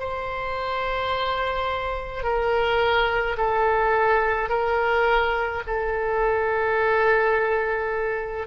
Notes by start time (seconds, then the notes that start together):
0.00 C5
2.24 A#4
3.38 A4
4.50 A#4
5.68 A4